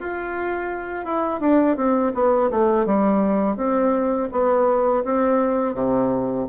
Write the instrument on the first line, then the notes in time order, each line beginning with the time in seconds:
bassoon
0.00 F4
1.05 E4
1.41 D4
1.77 C4
2.15 B3
2.51 A3
2.86 G3
3.57 C4
4.32 B3
5.05 C4
5.75 C3